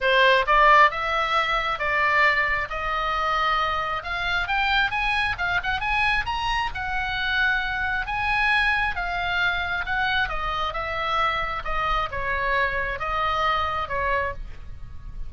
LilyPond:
\new Staff \with { instrumentName = "oboe" } { \time 4/4 \tempo 4 = 134 c''4 d''4 e''2 | d''2 dis''2~ | dis''4 f''4 g''4 gis''4 | f''8 fis''8 gis''4 ais''4 fis''4~ |
fis''2 gis''2 | f''2 fis''4 dis''4 | e''2 dis''4 cis''4~ | cis''4 dis''2 cis''4 | }